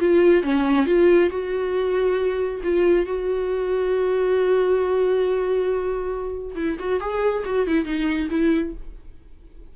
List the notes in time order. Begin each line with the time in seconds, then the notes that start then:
0.00 F4
0.43 C#4
0.86 F4
1.30 F#4
2.64 F4
3.06 F#4
6.56 E4
6.80 F#4
7.00 G#4
7.45 F#4
7.67 E4
7.85 D#4
8.30 E4